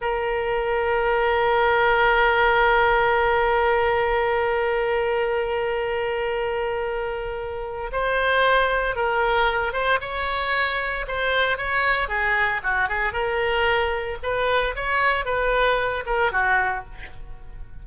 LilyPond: \new Staff \with { instrumentName = "oboe" } { \time 4/4 \tempo 4 = 114 ais'1~ | ais'1~ | ais'1~ | ais'2. c''4~ |
c''4 ais'4. c''8 cis''4~ | cis''4 c''4 cis''4 gis'4 | fis'8 gis'8 ais'2 b'4 | cis''4 b'4. ais'8 fis'4 | }